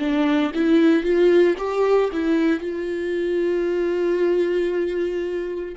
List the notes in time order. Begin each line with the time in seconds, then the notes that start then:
0.00 D4
0.55 E4
1.03 F4
1.58 G4
2.13 E4
2.60 F4